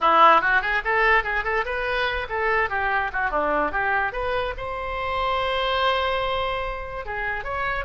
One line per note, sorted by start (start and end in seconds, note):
0.00 0.41 E4
0.41 0.61 F#4
0.61 0.82 G#4
0.84 1.23 A4
1.23 1.44 G#4
1.44 1.64 A4
1.65 2.27 B4
2.29 2.69 A4
2.69 3.11 G4
3.12 3.30 F#4
3.30 3.71 D4
3.71 4.12 G4
4.12 4.53 B4
4.57 7.05 C5
7.05 7.44 G#4
7.44 7.84 C#5